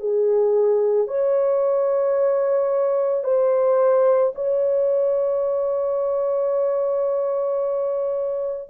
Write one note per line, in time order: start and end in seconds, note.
0.00 1.08 G#4
1.08 3.24 C#5
3.24 4.33 C5
4.35 8.70 C#5